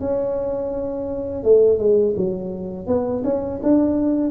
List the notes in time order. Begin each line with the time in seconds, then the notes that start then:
0.00 C#4
1.43 A3
1.78 G#3
2.17 F#3
2.87 B3
3.24 C#4
3.63 D4